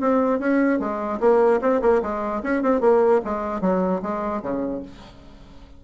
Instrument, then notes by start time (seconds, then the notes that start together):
bassoon
0.00 C4
0.39 C#4
0.79 G#3
1.20 A#3
1.61 C4
1.82 A#3
2.02 G#3
2.43 C#4
2.62 C4
2.81 A#3
3.25 G#3
3.61 F#3
4.02 G#3
4.42 C#3